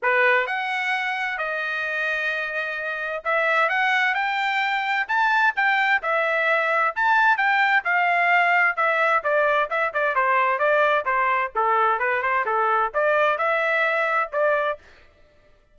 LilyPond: \new Staff \with { instrumentName = "trumpet" } { \time 4/4 \tempo 4 = 130 b'4 fis''2 dis''4~ | dis''2. e''4 | fis''4 g''2 a''4 | g''4 e''2 a''4 |
g''4 f''2 e''4 | d''4 e''8 d''8 c''4 d''4 | c''4 a'4 b'8 c''8 a'4 | d''4 e''2 d''4 | }